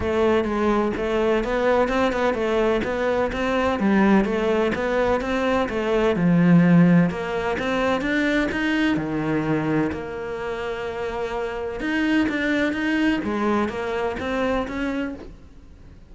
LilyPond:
\new Staff \with { instrumentName = "cello" } { \time 4/4 \tempo 4 = 127 a4 gis4 a4 b4 | c'8 b8 a4 b4 c'4 | g4 a4 b4 c'4 | a4 f2 ais4 |
c'4 d'4 dis'4 dis4~ | dis4 ais2.~ | ais4 dis'4 d'4 dis'4 | gis4 ais4 c'4 cis'4 | }